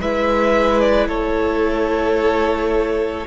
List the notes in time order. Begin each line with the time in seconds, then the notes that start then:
0.00 G#3 E4 B4 E5
0.80 D5
1.07 A3 A4 C#5